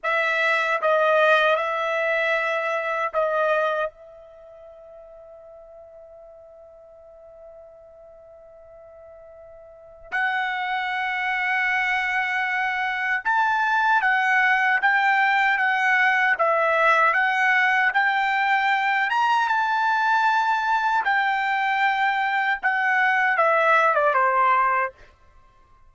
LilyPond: \new Staff \with { instrumentName = "trumpet" } { \time 4/4 \tempo 4 = 77 e''4 dis''4 e''2 | dis''4 e''2.~ | e''1~ | e''4 fis''2.~ |
fis''4 a''4 fis''4 g''4 | fis''4 e''4 fis''4 g''4~ | g''8 ais''8 a''2 g''4~ | g''4 fis''4 e''8. d''16 c''4 | }